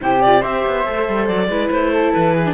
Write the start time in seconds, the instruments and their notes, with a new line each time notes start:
0.00 cello C3, viola E4, flute G4, clarinet C5
0.22 viola F4, clarinet D5
0.40 cello C4, viola G4, flute C5, clarinet E5
0.66 cello B3
0.85 cello A3, viola A4
1.08 cello G3
1.26 cello F#3, clarinet D5
1.47 cello G#3, viola E4, flute B4
1.70 cello A3, clarinet C5
1.92 flute A4
2.12 cello E3, clarinet B4
2.33 flute G#4
2.45 viola D4